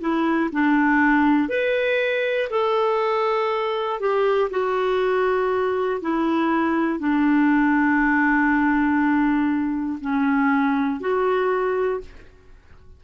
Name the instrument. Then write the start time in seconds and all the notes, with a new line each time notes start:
clarinet
0.00 E4
0.51 D4
1.48 B4
2.50 A4
4.00 G4
4.50 F#4
6.00 E4
6.99 D4
10.00 C#4
11.00 F#4